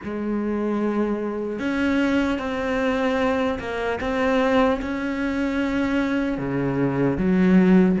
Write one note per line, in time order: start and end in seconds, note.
0.03 1.59 G#3
1.59 2.38 C#4
2.38 3.58 C4
3.59 3.99 A#3
4.00 4.80 C4
4.81 6.38 C#4
6.38 7.17 C#3
7.17 7.97 F#3